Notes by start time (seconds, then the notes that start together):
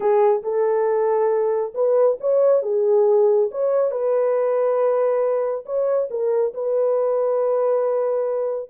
0.00 G#4
0.42 A4
1.74 B4
2.20 C#5
2.62 G#4
3.51 C#5
3.91 B4
5.65 C#5
6.10 A#4
6.54 B4